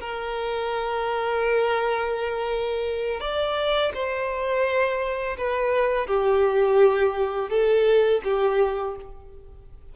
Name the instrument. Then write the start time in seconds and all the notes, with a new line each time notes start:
violin
0.00 A#4
3.20 D5
3.94 C5
5.37 B4
6.06 G4
7.49 A4
8.24 G4